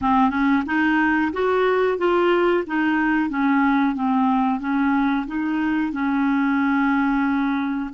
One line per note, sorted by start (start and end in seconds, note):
0.01 0.30 C4
0.30 0.63 C#4
0.66 1.32 D#4
1.32 1.98 F#4
1.98 2.63 F4
2.66 3.29 D#4
3.29 3.95 C#4
3.95 4.60 C4
4.60 5.26 C#4
5.26 5.92 D#4
5.92 7.90 C#4